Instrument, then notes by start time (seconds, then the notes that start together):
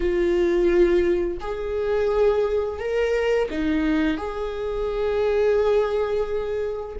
viola
0.00 F4
1.40 G#4
2.79 A#4
3.50 D#4
4.17 G#4